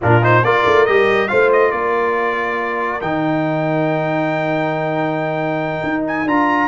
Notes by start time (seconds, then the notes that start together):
0.01 A#2 D4 F4 A#4
0.21 D#4 C5
0.44 A#3 F4 A#4 D5
0.66 A3
0.86 G3 G4 D#5
1.28 A3 F4 C5 F5
1.52 D#5
1.71 A#3 A#4 D5
3.01 D#3 D#4 G5
5.83 D#4
6.07 G#5
6.25 D4 F4 A#5